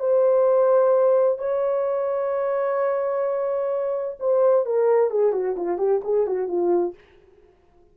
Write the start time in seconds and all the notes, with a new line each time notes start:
0.00 C5
1.39 C#5
4.20 C5
4.66 A#4
5.11 G#4
5.33 F#4
5.57 F4
5.78 G4
6.04 G#4
6.27 F#4
6.48 F4